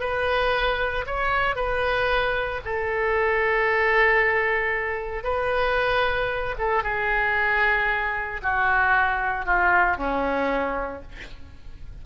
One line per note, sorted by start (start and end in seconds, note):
0.00 1.05 B4
1.06 1.56 C#5
1.56 2.61 B4
2.65 5.24 A4
5.24 6.56 B4
6.58 6.83 A4
6.83 8.41 G#4
8.43 9.46 F#4
9.46 9.97 F4
9.97 11.02 C#4